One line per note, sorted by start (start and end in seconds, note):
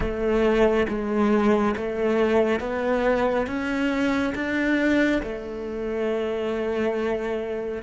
0.00 0.87 A3
0.88 1.75 G#3
1.76 2.60 A3
2.60 3.46 B3
3.46 4.33 C#4
4.34 5.21 D4
5.23 7.82 A3